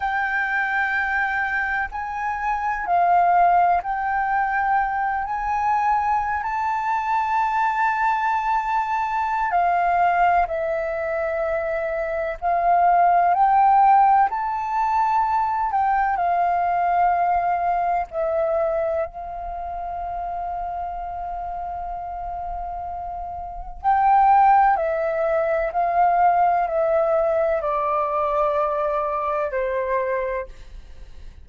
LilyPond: \new Staff \with { instrumentName = "flute" } { \time 4/4 \tempo 4 = 63 g''2 gis''4 f''4 | g''4. gis''4~ gis''16 a''4~ a''16~ | a''2 f''4 e''4~ | e''4 f''4 g''4 a''4~ |
a''8 g''8 f''2 e''4 | f''1~ | f''4 g''4 e''4 f''4 | e''4 d''2 c''4 | }